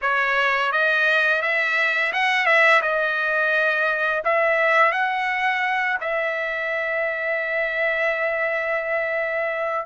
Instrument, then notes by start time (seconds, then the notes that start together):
trumpet
0.01 C#5
0.72 D#5
1.41 E5
2.12 F#5
2.45 E5
2.82 D#5
4.24 E5
4.92 F#5
6.00 E5